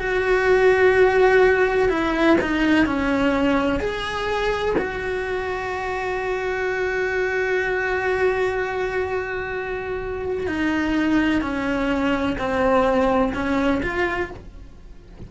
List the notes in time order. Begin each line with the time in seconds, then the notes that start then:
0.00 F#4
1.90 E4
2.42 D#4
2.86 C#4
3.80 G#4
4.78 F#4
10.48 D#4
11.42 C#4
12.39 C4
13.34 C#4
13.83 F4